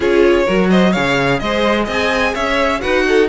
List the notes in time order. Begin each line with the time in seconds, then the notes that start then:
0.00 C#4 F4 G#4 C#5
0.46 F#3 F#4 A#4
0.70 C5 D#5
0.91 C#3 G#4 C#5 F5
1.39 G#3 C5 D#5
1.84 C4 D#5 G#5
2.34 C#4 C#5 E5
2.80 D#4 F#4 B4 F#5
3.08 A4